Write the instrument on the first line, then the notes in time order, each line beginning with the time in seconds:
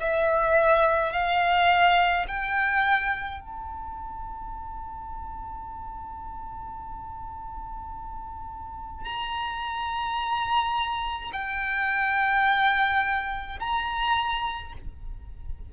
violin
0.00 E5
1.13 F5
2.27 G5
3.41 A5
9.05 A#5
11.33 G5
13.60 A#5